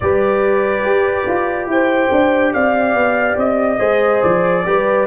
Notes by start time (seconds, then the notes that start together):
0.00 G3 G4 B4 D5
0.83 G4
1.27 F4
1.67 E4 C5 G5
2.11 D4
2.53 C4 D5 F5
2.94 B3
3.36 C4 D#5
3.79 G#3 G#4 C5
4.22 F3 D5
4.65 G3 G4 B4